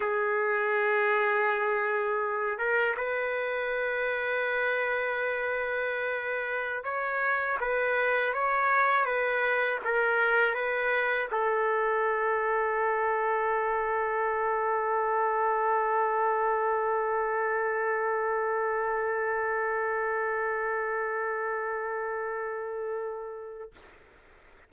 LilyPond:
\new Staff \with { instrumentName = "trumpet" } { \time 4/4 \tempo 4 = 81 gis'2.~ gis'8 ais'8 | b'1~ | b'4~ b'16 cis''4 b'4 cis''8.~ | cis''16 b'4 ais'4 b'4 a'8.~ |
a'1~ | a'1~ | a'1~ | a'1 | }